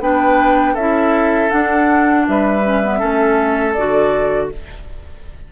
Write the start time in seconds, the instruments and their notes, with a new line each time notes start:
0.00 bassoon B3, clarinet D4, oboe B4, flute G5
0.74 bassoon C#4, clarinet E4, oboe A4, flute E5
1.50 clarinet D4, bassoon D4, flute F#5
2.28 bassoon G3, oboe B4, flute E5
2.64 clarinet C#4
2.83 clarinet B3
2.99 bassoon A3, clarinet C#4, oboe A4
3.74 bassoon D3, clarinet F#4, flute D5